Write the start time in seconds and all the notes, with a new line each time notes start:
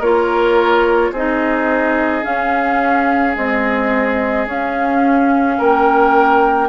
0.00 A#3 F4 A#4 C#5
1.12 C4 D#4 G#4 D#5
2.23 C#4 F5
3.35 G#3 C4 D#5
4.47 C#4 F5
5.59 A#3 A#4 G5